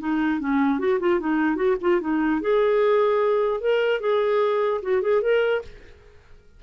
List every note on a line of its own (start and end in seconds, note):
0.00 0.40 D#4
0.40 0.79 C#4
0.79 0.99 F#4
1.00 1.20 F4
1.20 1.56 D#4
1.56 1.76 F#4
1.81 2.01 F4
2.01 2.41 D#4
2.41 3.61 G#4
3.61 4.00 A#4
4.00 4.81 G#4
4.82 5.02 F#4
5.02 5.22 G#4
5.22 5.62 A#4